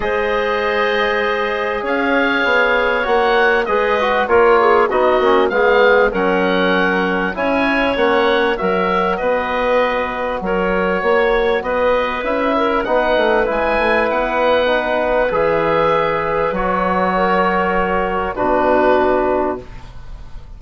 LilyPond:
<<
  \new Staff \with { instrumentName = "oboe" } { \time 4/4 \tempo 4 = 98 dis''2. f''4~ | f''4 fis''4 dis''4 cis''4 | dis''4 f''4 fis''2 | gis''4 fis''4 e''4 dis''4~ |
dis''4 cis''2 dis''4 | e''4 fis''4 gis''4 fis''4~ | fis''4 e''2 cis''4~ | cis''2 b'2 | }
  \new Staff \with { instrumentName = "clarinet" } { \time 4/4 c''2. cis''4~ | cis''2 b'4 ais'8 gis'8 | fis'4 gis'4 ais'2 | cis''2 ais'4 b'4~ |
b'4 ais'4 cis''4 b'4~ | b'8 ais'8 b'2.~ | b'1 | ais'2 fis'2 | }
  \new Staff \with { instrumentName = "trombone" } { \time 4/4 gis'1~ | gis'4 fis'4 gis'8 fis'8 f'4 | dis'8 cis'8 b4 cis'2 | e'4 cis'4 fis'2~ |
fis'1 | e'4 dis'4 e'2 | dis'4 gis'2 fis'4~ | fis'2 d'2 | }
  \new Staff \with { instrumentName = "bassoon" } { \time 4/4 gis2. cis'4 | b4 ais4 gis4 ais4 | b8 ais8 gis4 fis2 | cis'4 ais4 fis4 b4~ |
b4 fis4 ais4 b4 | cis'4 b8 a8 gis8 a8 b4~ | b4 e2 fis4~ | fis2 b,2 | }
>>